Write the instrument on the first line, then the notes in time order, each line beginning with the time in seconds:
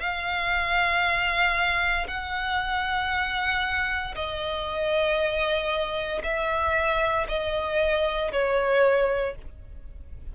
violin
0.00 F5
2.08 F#5
4.15 D#5
6.24 E5
7.28 D#5
8.32 C#5